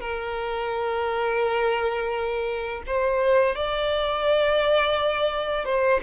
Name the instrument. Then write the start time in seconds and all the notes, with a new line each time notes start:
violin
0.00 A#4
2.86 C5
3.55 D5
5.65 C5